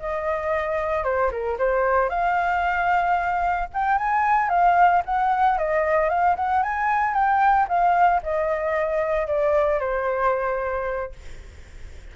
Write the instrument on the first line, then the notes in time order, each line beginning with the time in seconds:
flute
0.00 D#5
1.04 C5
1.32 A#4
1.59 C5
2.09 F5
3.74 G5
3.98 G#5
4.50 F5
5.05 F#5
5.58 D#5
6.09 F5
6.36 F#5
6.63 G#5
7.14 G5
7.69 F5
8.23 D#5
9.28 D5
9.80 C5